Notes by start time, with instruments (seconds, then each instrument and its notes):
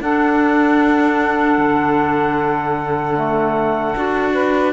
0.00 cello D4, clarinet D4, saxophone A4, trumpet F#5
1.58 cello D3
3.15 clarinet A3
3.96 cello D4, clarinet F#4
4.33 saxophone B4